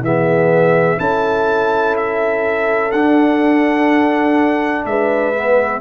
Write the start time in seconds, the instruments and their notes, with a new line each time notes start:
0.00 tuba E3, trombone B3, horn G#4, trumpet E5
0.97 tuba C#4, trombone E4, horn A4, trumpet A5
1.96 trumpet E5
2.92 tuba D4, trombone D4, trumpet F#5
4.85 tuba G#3, horn B4, trumpet E5
5.34 trombone B3